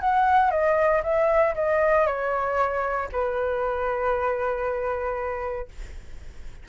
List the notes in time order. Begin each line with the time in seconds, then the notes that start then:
0.00 F#5
0.51 D#5
1.03 E5
1.55 D#5
2.06 C#5
3.12 B4